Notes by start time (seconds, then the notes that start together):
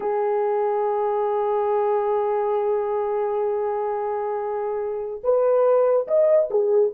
0.00 G#4
5.23 B4
6.07 D#5
6.50 G#4